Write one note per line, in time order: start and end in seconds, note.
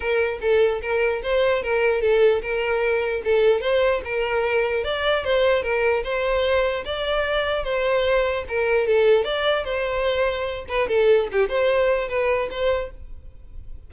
0.00 0.39 A#4
0.41 0.81 A4
0.81 1.22 A#4
1.22 1.63 C5
1.63 2.01 A#4
2.01 2.41 A4
2.41 3.22 A#4
3.24 3.61 A4
3.61 4.01 C5
4.04 4.84 A#4
4.84 5.24 D5
5.24 5.63 C5
5.63 6.03 A#4
6.03 6.84 C5
6.84 7.63 D5
7.63 8.44 C5
8.48 8.86 A#4
8.86 9.24 A4
9.24 9.64 D5
9.64 10.65 C5
10.68 10.87 B4
10.87 11.28 A4
11.32 11.48 G4
11.48 12.08 C5
12.08 12.48 B4
12.50 12.90 C5